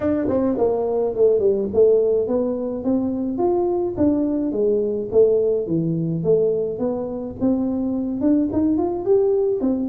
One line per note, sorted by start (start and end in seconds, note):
0.00 0.27 D4
0.28 0.56 C4
0.58 1.14 A#3
1.14 1.39 A3
1.39 1.68 G3
1.73 2.27 A3
2.27 2.84 B3
2.84 3.38 C4
3.38 3.94 F4
3.97 4.52 D4
4.52 5.08 G#3
5.11 5.67 A3
5.67 6.23 E3
6.23 6.78 A3
6.78 7.35 B3
7.40 8.20 C4
8.20 8.49 D4
8.52 8.77 D#4
8.77 9.05 F4
9.05 9.60 G4
9.60 9.89 C4